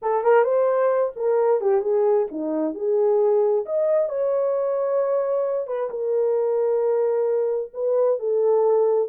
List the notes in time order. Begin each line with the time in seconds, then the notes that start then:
0.01 A4
0.23 A#4
0.44 C5
1.16 A#4
1.60 G4
1.81 G#4
2.31 D#4
2.74 G#4
3.65 D#5
4.09 C#5
5.67 B4
5.90 A#4
7.73 B4
8.19 A4